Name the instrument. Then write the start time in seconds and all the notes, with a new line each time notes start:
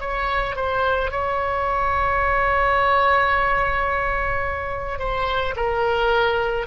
oboe
0.00 C#5
0.56 C5
1.11 C#5
4.99 C5
5.57 A#4